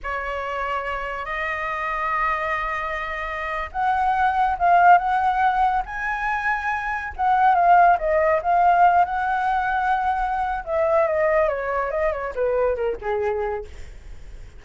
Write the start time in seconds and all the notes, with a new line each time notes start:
0.03 C#5
1.25 D#5
3.72 F#5
4.59 F5
4.97 F#5
5.85 G#5
7.16 F#5
7.54 F5
7.98 D#5
8.42 F5
9.04 F#5
10.65 E5
11.07 D#5
11.48 C#5
11.90 D#5
12.12 C#5
12.35 B4
12.75 A#4
13.01 G#4